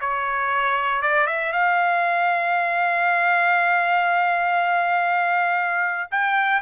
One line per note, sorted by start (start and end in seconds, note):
0.00 1.01 C#5
1.01 1.26 D5
1.26 1.52 E5
1.52 6.09 F5
6.11 6.62 G5